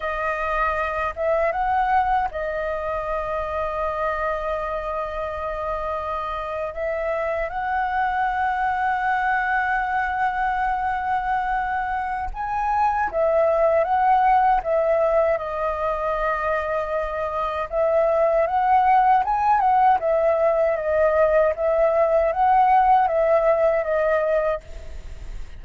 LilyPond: \new Staff \with { instrumentName = "flute" } { \time 4/4 \tempo 4 = 78 dis''4. e''8 fis''4 dis''4~ | dis''1~ | dis''8. e''4 fis''2~ fis''16~ | fis''1 |
gis''4 e''4 fis''4 e''4 | dis''2. e''4 | fis''4 gis''8 fis''8 e''4 dis''4 | e''4 fis''4 e''4 dis''4 | }